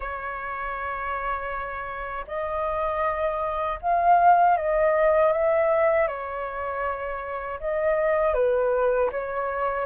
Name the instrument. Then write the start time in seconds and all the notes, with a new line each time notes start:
flute
0.00 C#5
2.27 D#5
3.81 F5
4.57 D#5
5.32 E5
6.07 C#5
7.59 D#5
8.34 B4
9.11 C#5